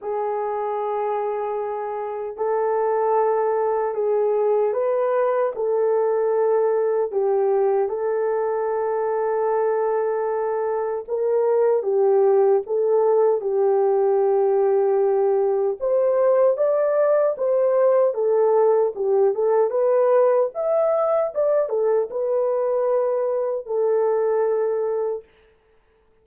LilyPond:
\new Staff \with { instrumentName = "horn" } { \time 4/4 \tempo 4 = 76 gis'2. a'4~ | a'4 gis'4 b'4 a'4~ | a'4 g'4 a'2~ | a'2 ais'4 g'4 |
a'4 g'2. | c''4 d''4 c''4 a'4 | g'8 a'8 b'4 e''4 d''8 a'8 | b'2 a'2 | }